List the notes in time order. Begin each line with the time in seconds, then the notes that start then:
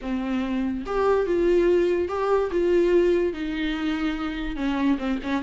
0.01 C4
0.85 G4
1.26 F4
2.08 G4
2.51 F4
3.33 D#4
4.56 C#4
4.98 C4
5.23 C#4